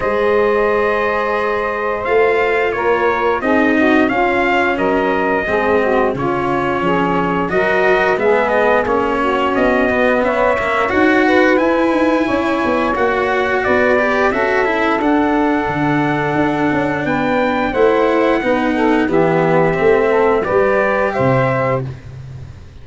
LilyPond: <<
  \new Staff \with { instrumentName = "trumpet" } { \time 4/4 \tempo 4 = 88 dis''2. f''4 | cis''4 dis''4 f''4 dis''4~ | dis''4 cis''2 dis''4 | e''8 dis''8 cis''4 dis''4 e''4 |
fis''4 gis''2 fis''4 | d''4 e''4 fis''2~ | fis''4 g''4 fis''2 | e''2 d''4 e''4 | }
  \new Staff \with { instrumentName = "saxophone" } { \time 4/4 c''1 | ais'4 gis'8 fis'8 f'4 ais'4 | gis'8 fis'8 f'4 gis'4 ais'4 | gis'4. fis'4. cis''4~ |
cis''8 b'4. cis''2 | b'4 a'2.~ | a'4 b'4 c''4 b'8 a'8 | g'4. a'8 b'4 c''4 | }
  \new Staff \with { instrumentName = "cello" } { \time 4/4 gis'2. f'4~ | f'4 dis'4 cis'2 | c'4 cis'2 fis'4 | b4 cis'4. b4 ais8 |
fis'4 e'2 fis'4~ | fis'8 g'8 fis'8 e'8 d'2~ | d'2 e'4 dis'4 | b4 c'4 g'2 | }
  \new Staff \with { instrumentName = "tuba" } { \time 4/4 gis2. a4 | ais4 c'4 cis'4 fis4 | gis4 cis4 f4 fis4 | gis4 ais4 b4 cis'4 |
dis'4 e'8 dis'8 cis'8 b8 ais4 | b4 cis'4 d'4 d4 | d'8 cis'8 b4 a4 b4 | e4 a4 g4 c4 | }
>>